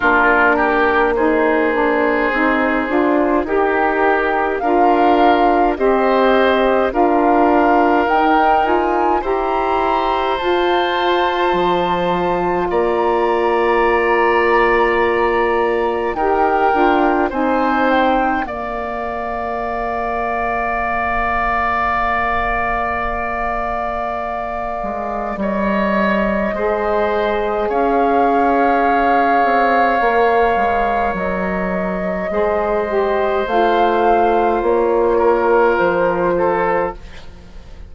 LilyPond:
<<
  \new Staff \with { instrumentName = "flute" } { \time 4/4 \tempo 4 = 52 ais'4 c''2 ais'4 | f''4 dis''4 f''4 g''8 gis''8 | ais''4 a''2 ais''4~ | ais''2 g''4 gis''8 g''8 |
f''1~ | f''2 dis''2 | f''2. dis''4~ | dis''4 f''4 cis''4 c''4 | }
  \new Staff \with { instrumentName = "oboe" } { \time 4/4 f'8 g'8 gis'2 g'4 | ais'4 c''4 ais'2 | c''2. d''4~ | d''2 ais'4 c''4 |
d''1~ | d''2 cis''4 c''4 | cis''1 | c''2~ c''8 ais'4 a'8 | }
  \new Staff \with { instrumentName = "saxophone" } { \time 4/4 d'4 dis'8 d'8 dis'8 f'8 g'4 | f'4 g'4 f'4 dis'8 f'8 | g'4 f'2.~ | f'2 g'8 f'8 dis'4 |
ais'1~ | ais'2. gis'4~ | gis'2 ais'2 | gis'8 g'8 f'2. | }
  \new Staff \with { instrumentName = "bassoon" } { \time 4/4 ais2 c'8 d'8 dis'4 | d'4 c'4 d'4 dis'4 | e'4 f'4 f4 ais4~ | ais2 dis'8 d'8 c'4 |
ais1~ | ais4. gis8 g4 gis4 | cis'4. c'8 ais8 gis8 fis4 | gis4 a4 ais4 f4 | }
>>